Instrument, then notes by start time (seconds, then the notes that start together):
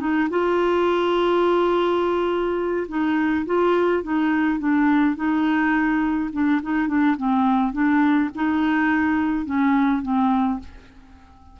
clarinet
0.00 D#4
0.30 F4
2.88 D#4
3.46 F4
4.03 D#4
4.59 D4
5.16 D#4
6.33 D4
6.62 D#4
6.88 D4
7.17 C4
7.73 D4
8.35 D#4
9.45 C#4
10.02 C4